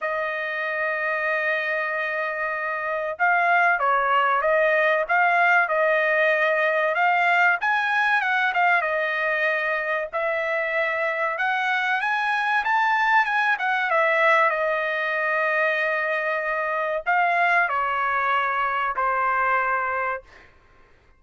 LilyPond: \new Staff \with { instrumentName = "trumpet" } { \time 4/4 \tempo 4 = 95 dis''1~ | dis''4 f''4 cis''4 dis''4 | f''4 dis''2 f''4 | gis''4 fis''8 f''8 dis''2 |
e''2 fis''4 gis''4 | a''4 gis''8 fis''8 e''4 dis''4~ | dis''2. f''4 | cis''2 c''2 | }